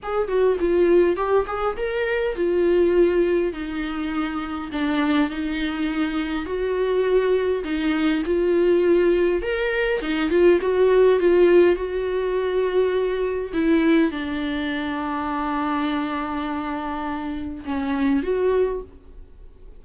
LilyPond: \new Staff \with { instrumentName = "viola" } { \time 4/4 \tempo 4 = 102 gis'8 fis'8 f'4 g'8 gis'8 ais'4 | f'2 dis'2 | d'4 dis'2 fis'4~ | fis'4 dis'4 f'2 |
ais'4 dis'8 f'8 fis'4 f'4 | fis'2. e'4 | d'1~ | d'2 cis'4 fis'4 | }